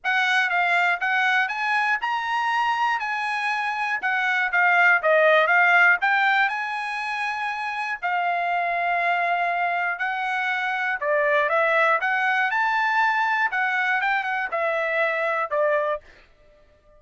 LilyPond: \new Staff \with { instrumentName = "trumpet" } { \time 4/4 \tempo 4 = 120 fis''4 f''4 fis''4 gis''4 | ais''2 gis''2 | fis''4 f''4 dis''4 f''4 | g''4 gis''2. |
f''1 | fis''2 d''4 e''4 | fis''4 a''2 fis''4 | g''8 fis''8 e''2 d''4 | }